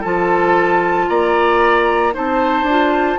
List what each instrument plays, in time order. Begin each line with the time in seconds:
0.00 bassoon F3, clarinet F4, oboe A4, flute A5
1.08 bassoon A#3, oboe D5, flute A#5
2.12 bassoon C4, clarinet D#4, oboe C5, flute A5
2.62 bassoon D4
2.69 clarinet F4